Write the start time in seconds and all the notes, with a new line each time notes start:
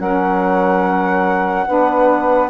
0.00 F#3 C#4 A#4 F#5
1.67 B3 D4 B4